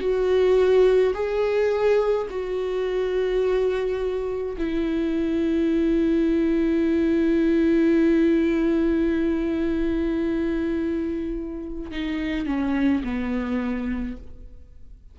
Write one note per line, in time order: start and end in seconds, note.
0.00 1.13 F#4
1.14 2.27 G#4
2.30 4.56 F#4
4.57 11.91 E4
11.91 12.46 D#4
12.46 13.02 C#4
13.03 14.17 B3